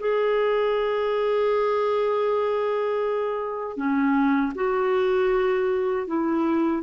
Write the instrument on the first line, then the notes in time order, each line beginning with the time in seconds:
clarinet
0.00 G#4
3.77 C#4
4.55 F#4
6.08 E4